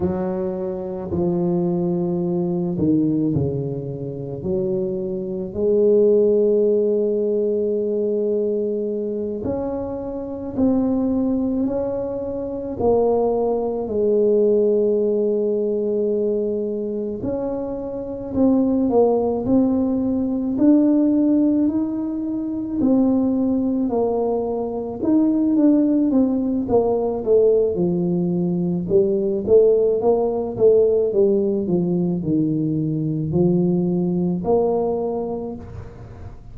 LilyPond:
\new Staff \with { instrumentName = "tuba" } { \time 4/4 \tempo 4 = 54 fis4 f4. dis8 cis4 | fis4 gis2.~ | gis8 cis'4 c'4 cis'4 ais8~ | ais8 gis2. cis'8~ |
cis'8 c'8 ais8 c'4 d'4 dis'8~ | dis'8 c'4 ais4 dis'8 d'8 c'8 | ais8 a8 f4 g8 a8 ais8 a8 | g8 f8 dis4 f4 ais4 | }